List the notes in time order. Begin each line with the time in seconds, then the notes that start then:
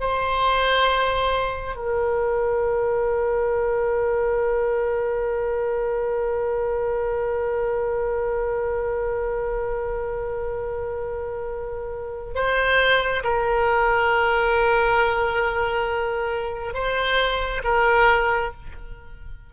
0.00 C5
1.76 A#4
12.35 C5
13.24 A#4
16.74 C5
17.64 A#4